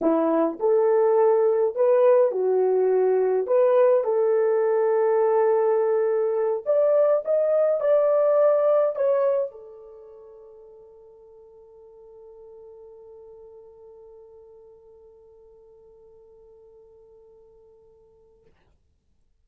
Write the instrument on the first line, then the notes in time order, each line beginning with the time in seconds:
horn
0.01 E4
0.59 A4
1.75 B4
2.31 F#4
3.46 B4
4.04 A4
6.65 D5
7.25 D#5
7.80 D5
8.95 C#5
9.51 A4